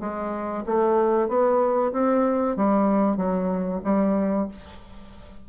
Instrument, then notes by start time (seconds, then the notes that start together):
bassoon
0.00 G#3
0.66 A3
1.28 B3
1.92 C4
2.56 G3
3.17 F#3
3.84 G3